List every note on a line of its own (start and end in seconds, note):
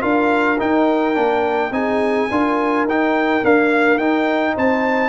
0.00 0.60 D4
0.00 0.57 F4
0.00 1.71 A#4
0.00 0.58 F5
0.59 1.14 D#4
0.59 1.17 D#4
0.59 1.73 G5
1.14 1.71 A#3
1.14 1.71 D4
1.71 2.27 C4
1.71 2.29 D#4
1.71 2.31 G#4
1.71 2.86 G#5
2.31 2.84 D4
2.31 2.88 F4
2.31 4.54 A#4
2.84 3.41 D#4
2.84 3.42 D#4
2.84 3.45 G5
3.42 3.99 A#3
3.42 3.97 D4
3.42 3.98 F5
3.97 4.54 D#4
3.97 5.09 D#4
3.97 4.55 G5
4.54 5.09 C4
4.54 5.09 C5
4.54 5.09 A5